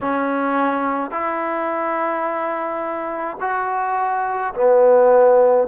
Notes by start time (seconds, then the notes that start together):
0.01 C#4
1.10 E4
3.40 F#4
4.54 B3